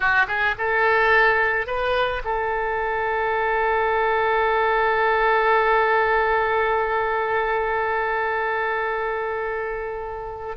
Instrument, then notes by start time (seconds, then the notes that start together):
oboe
0.00 F#4
0.27 G#4
0.58 A4
1.66 B4
2.24 A4